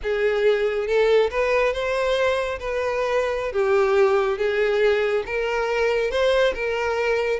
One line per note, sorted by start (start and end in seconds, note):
0.03 0.87 G#4
0.87 1.30 A4
1.30 1.73 B4
1.73 2.59 C5
2.59 3.52 B4
3.52 4.37 G4
4.37 5.23 G#4
5.26 6.11 A#4
6.11 6.53 C5
6.54 7.40 A#4